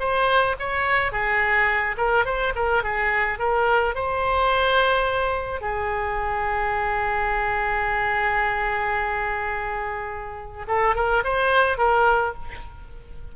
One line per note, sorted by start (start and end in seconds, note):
0.00 0.56 C5
0.60 1.12 C#5
1.12 1.97 G#4
1.98 2.26 A#4
2.26 2.54 C5
2.56 2.84 A#4
2.84 3.39 G#4
3.39 3.95 A#4
3.95 5.62 C5
5.62 10.66 G#4
10.68 10.96 A4
10.96 11.24 A#4
11.24 11.78 C5
11.78 12.34 A#4